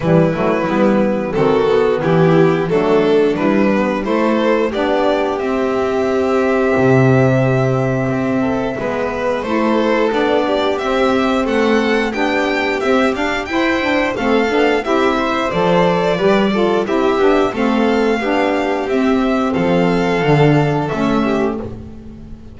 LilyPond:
<<
  \new Staff \with { instrumentName = "violin" } { \time 4/4 \tempo 4 = 89 b'2 a'4 g'4 | a'4 b'4 c''4 d''4 | e''1~ | e''2 c''4 d''4 |
e''4 fis''4 g''4 e''8 f''8 | g''4 f''4 e''4 d''4~ | d''4 e''4 f''2 | e''4 f''2 e''4 | }
  \new Staff \with { instrumentName = "violin" } { \time 4/4 e'2 fis'4 e'4 | d'2 a'4 g'4~ | g'1~ | g'8 a'8 b'4 a'4. g'8~ |
g'4 a'4 g'2 | c''4 a'4 g'8 c''4. | b'8 a'8 g'4 a'4 g'4~ | g'4 a'2~ a'8 g'8 | }
  \new Staff \with { instrumentName = "saxophone" } { \time 4/4 g8 a8 b4 c'8 b4. | a4 e'8 b8 e'4 d'4 | c'1~ | c'4 b4 e'4 d'4 |
c'2 d'4 c'8 d'8 | e'8 d'8 c'8 d'8 e'4 a'4 | g'8 f'8 e'8 d'8 c'4 d'4 | c'2 d'4 cis'4 | }
  \new Staff \with { instrumentName = "double bass" } { \time 4/4 e8 fis8 g4 dis4 e4 | fis4 g4 a4 b4 | c'2 c2 | c'4 gis4 a4 b4 |
c'4 a4 b4 c'8 d'8 | e'4 a8 b8 c'4 f4 | g4 c'8 b8 a4 b4 | c'4 f4 d4 a4 | }
>>